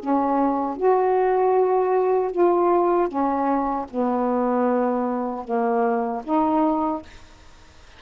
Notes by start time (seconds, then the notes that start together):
0.00 C#4
0.77 F#4
2.31 F4
3.08 C#4
3.91 B3
5.44 A#3
6.24 D#4